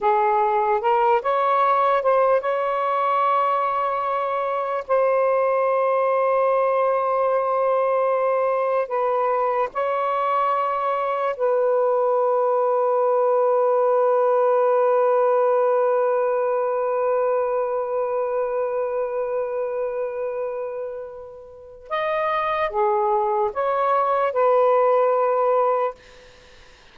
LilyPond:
\new Staff \with { instrumentName = "saxophone" } { \time 4/4 \tempo 4 = 74 gis'4 ais'8 cis''4 c''8 cis''4~ | cis''2 c''2~ | c''2. b'4 | cis''2 b'2~ |
b'1~ | b'1~ | b'2. dis''4 | gis'4 cis''4 b'2 | }